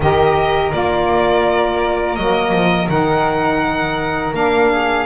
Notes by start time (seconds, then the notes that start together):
0.00 D#3 G4 A#4 D#5
0.71 A#3 F4 D5
2.15 F#3 A#3 D#5
2.52 F3
2.89 D#3 D#4 F#5
4.33 A#3 D4 F5
4.72 G#4